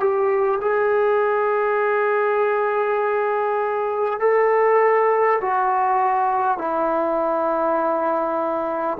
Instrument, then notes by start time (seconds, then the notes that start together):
trombone
0.00 G4
0.61 G#4
4.20 A4
5.41 F#4
6.58 E4